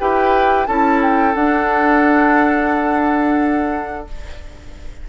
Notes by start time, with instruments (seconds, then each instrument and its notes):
0.00 bassoon E4, clarinet G4, oboe B4, flute G5
0.67 bassoon C#4, clarinet E4, oboe A4, flute A5
1.03 flute G5
1.35 clarinet D4, bassoon D4, flute F#5